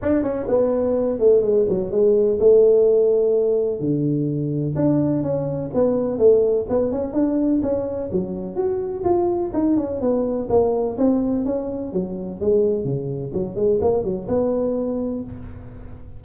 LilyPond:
\new Staff \with { instrumentName = "tuba" } { \time 4/4 \tempo 4 = 126 d'8 cis'8 b4. a8 gis8 fis8 | gis4 a2. | d2 d'4 cis'4 | b4 a4 b8 cis'8 d'4 |
cis'4 fis4 fis'4 f'4 | dis'8 cis'8 b4 ais4 c'4 | cis'4 fis4 gis4 cis4 | fis8 gis8 ais8 fis8 b2 | }